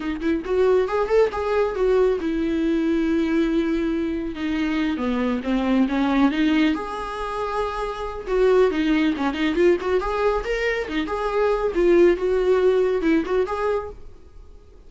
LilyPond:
\new Staff \with { instrumentName = "viola" } { \time 4/4 \tempo 4 = 138 dis'8 e'8 fis'4 gis'8 a'8 gis'4 | fis'4 e'2.~ | e'2 dis'4. b8~ | b8 c'4 cis'4 dis'4 gis'8~ |
gis'2. fis'4 | dis'4 cis'8 dis'8 f'8 fis'8 gis'4 | ais'4 dis'8 gis'4. f'4 | fis'2 e'8 fis'8 gis'4 | }